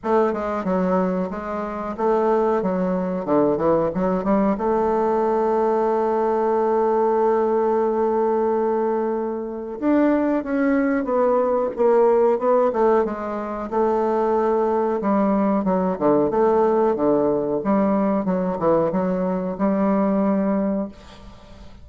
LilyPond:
\new Staff \with { instrumentName = "bassoon" } { \time 4/4 \tempo 4 = 92 a8 gis8 fis4 gis4 a4 | fis4 d8 e8 fis8 g8 a4~ | a1~ | a2. d'4 |
cis'4 b4 ais4 b8 a8 | gis4 a2 g4 | fis8 d8 a4 d4 g4 | fis8 e8 fis4 g2 | }